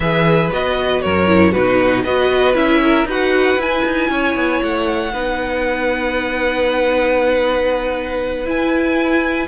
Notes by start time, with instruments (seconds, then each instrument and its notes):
0.00 cello E3, viola G#4, violin B4 E5
0.51 cello B3, viola F#4, violin D#5
1.01 cello F#2, violin A#4 C#5
1.27 viola E4
1.51 cello B2, viola D#4, violin F#4 B4
2.04 cello B3, viola F#4, violin B4 D#5
2.54 cello C#4, viola E4, violin E5
2.82 violin A#4
3.05 cello D#4, viola F#4, violin B4 F#5
3.57 cello E4, viola E4, violin G#5
3.85 cello D#4
4.09 cello C#4, violin C#5
4.35 cello B3
4.62 cello A3, violin F#5
5.13 cello B3, viola D#4, violin B4
8.45 viola E4, cello E4, violin G#5